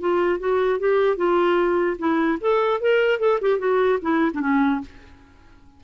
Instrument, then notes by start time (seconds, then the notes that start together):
clarinet
0.00 F4
0.39 F#4
0.79 G4
1.16 F4
1.98 E4
2.40 A4
2.80 A#4
3.19 A4
3.41 G4
3.58 F#4
4.01 E4
4.34 D4
4.40 C#4